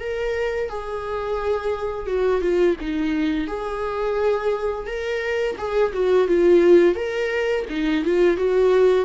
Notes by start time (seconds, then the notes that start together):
0.00 A#4
0.69 G#4
2.07 F#4
2.41 F4
2.81 D#4
3.48 G#4
4.87 A#4
5.58 G#4
5.93 F#4
6.28 F4
6.95 A#4
7.70 D#4
8.05 F4
8.37 F#4